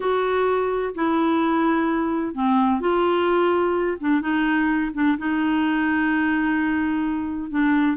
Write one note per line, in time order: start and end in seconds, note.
0.00 0.94 F#4
0.94 2.34 E4
2.34 2.80 C4
2.80 3.97 F4
4.00 4.21 D4
4.21 4.91 D#4
4.94 5.17 D4
5.18 7.50 D#4
7.50 7.97 D4